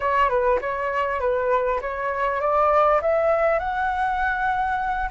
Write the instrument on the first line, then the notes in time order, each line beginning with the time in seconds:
flute
0.00 C#5
0.29 B4
0.61 C#5
1.20 B4
1.81 C#5
2.40 D5
3.01 E5
3.59 F#5